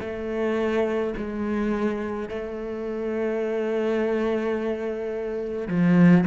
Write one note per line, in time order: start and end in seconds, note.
0.00 1.13 A3
1.16 2.28 G#3
2.28 5.68 A3
5.68 6.24 F3